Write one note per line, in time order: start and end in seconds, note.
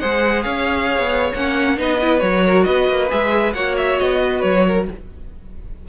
0.00 0.45 G#3
0.00 1.35 G#4
0.00 0.44 C5
0.00 0.42 F#5
0.42 0.99 C#4
0.42 1.77 C#5
0.42 1.31 F5
0.99 1.32 B3
1.35 1.79 A#3
1.35 1.77 C#4
1.35 1.79 F#5
1.77 2.22 B3
1.77 1.99 D#4
1.77 2.44 B4
1.77 2.20 D#5
2.01 2.20 E4
2.20 2.66 F#3
2.20 3.09 F#4
2.20 2.64 C#5
2.44 2.66 A#4
2.64 2.89 B3
2.64 3.55 B4
2.64 3.09 D#5
2.89 3.11 A#3
3.09 3.54 G#3
3.09 3.54 G#4
3.09 3.54 E5
3.54 3.99 A#3
3.54 4.89 F#4
3.54 4.21 C#5
3.54 3.76 F#5
3.77 3.99 E5
4.00 4.44 B3
4.00 4.41 D#5
4.24 4.66 B4
4.41 4.88 F#3
4.41 4.86 C#5
4.66 4.88 A#4